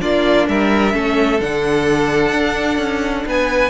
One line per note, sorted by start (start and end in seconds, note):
0.00 0.48 A#3
0.00 0.93 D4
0.00 0.48 F4
0.00 0.47 D5
0.48 0.94 G3
0.48 0.94 A#4
0.48 1.40 E5
0.93 1.41 A3
0.93 1.39 C#4
0.93 3.27 A4
1.40 2.32 D3
1.40 3.70 D4
1.40 3.26 F#5
2.32 2.78 D4
2.78 3.24 C#4
3.26 3.70 B3
3.26 3.70 B4
3.26 3.70 G#5